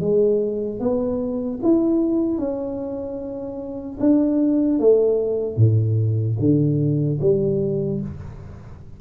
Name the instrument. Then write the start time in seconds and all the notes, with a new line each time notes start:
tuba
0.00 G#3
0.80 B3
1.62 E4
2.38 C#4
4.00 D4
4.79 A3
5.57 A2
6.39 D3
7.20 G3